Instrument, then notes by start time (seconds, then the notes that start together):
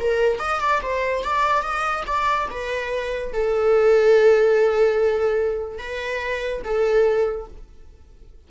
viola
0.00 A#4
0.40 D#5
0.61 D5
0.82 C5
1.24 D5
1.62 D#5
2.07 D5
2.50 B4
3.33 A4
5.79 B4
6.64 A4